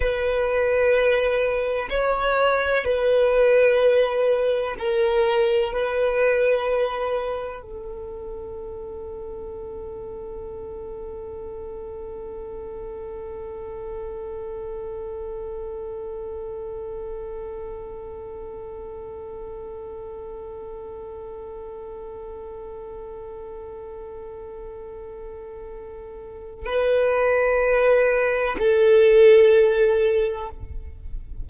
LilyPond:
\new Staff \with { instrumentName = "violin" } { \time 4/4 \tempo 4 = 63 b'2 cis''4 b'4~ | b'4 ais'4 b'2 | a'1~ | a'1~ |
a'1~ | a'1~ | a'1 | b'2 a'2 | }